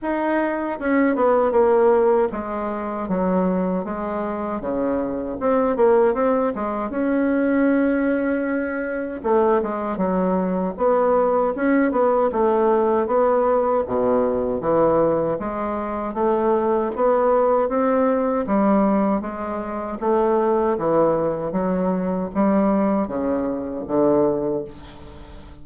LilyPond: \new Staff \with { instrumentName = "bassoon" } { \time 4/4 \tempo 4 = 78 dis'4 cis'8 b8 ais4 gis4 | fis4 gis4 cis4 c'8 ais8 | c'8 gis8 cis'2. | a8 gis8 fis4 b4 cis'8 b8 |
a4 b4 b,4 e4 | gis4 a4 b4 c'4 | g4 gis4 a4 e4 | fis4 g4 cis4 d4 | }